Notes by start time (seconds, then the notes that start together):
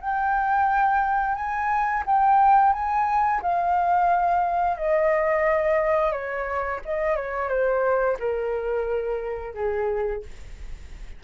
0.00 G5
1.35 G#5
2.06 G5
2.73 G#5
3.42 F5
4.77 D#5
6.12 C#5
6.85 D#5
7.16 C#5
7.49 C5
8.19 A#4
9.54 G#4